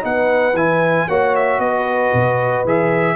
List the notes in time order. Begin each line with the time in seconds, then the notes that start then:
0.00 B3 D#4 B4 F#5
0.53 E3 E4 G#5
1.08 A#3 F#4 C#5 F#5
1.35 E5
1.59 B3 B4 D#5
2.13 B2
2.64 E3 G#4 E5